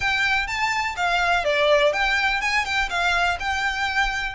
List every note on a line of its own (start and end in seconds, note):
0.00 0.47 G5
0.47 0.95 A5
0.96 1.44 F5
1.44 1.92 D5
1.92 2.41 G5
2.41 2.65 G#5
2.65 2.89 G5
2.89 3.38 F5
3.39 4.35 G5